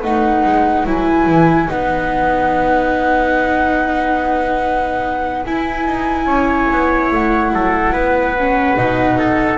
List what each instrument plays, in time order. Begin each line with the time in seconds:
0.00 double bass A3, viola D#4, trumpet B4, flute F#5
0.44 double bass G#3
0.85 double bass F#3, viola E4, flute G#5
1.26 double bass E3
1.68 double bass B3, viola D#4, flute F#5
5.44 viola E4, double bass E4, flute G#5
5.86 double bass D#4
6.26 double bass C#4, trumpet C#5
6.71 double bass B3
7.11 double bass A3, flute F#5
7.52 double bass F#3, trumpet A4
7.93 double bass B3, trumpet B4
8.38 viola C#4
8.76 double bass B2, viola D#4
9.19 trumpet A4